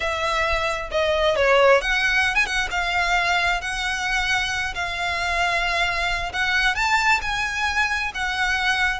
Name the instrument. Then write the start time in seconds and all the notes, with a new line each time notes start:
violin
0.00 E5
0.91 D#5
1.36 C#5
1.81 F#5
2.35 G#5
2.45 F#5
2.70 F5
3.61 F#5
4.74 F5
6.32 F#5
6.75 A5
7.21 G#5
8.14 F#5